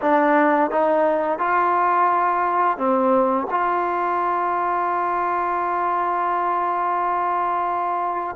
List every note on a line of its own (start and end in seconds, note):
0.01 0.70 D4
0.70 1.38 D#4
1.38 2.77 F4
2.77 3.47 C4
3.50 8.36 F4